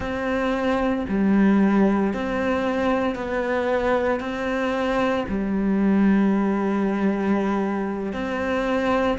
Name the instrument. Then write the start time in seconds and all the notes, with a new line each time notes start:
cello
0.00 C4
1.08 G3
2.13 C4
3.15 B3
4.20 C4
5.28 G3
8.12 C4